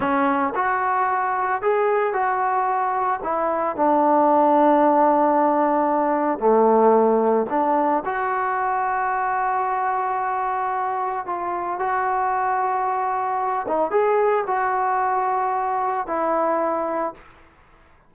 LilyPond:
\new Staff \with { instrumentName = "trombone" } { \time 4/4 \tempo 4 = 112 cis'4 fis'2 gis'4 | fis'2 e'4 d'4~ | d'1 | a2 d'4 fis'4~ |
fis'1~ | fis'4 f'4 fis'2~ | fis'4. dis'8 gis'4 fis'4~ | fis'2 e'2 | }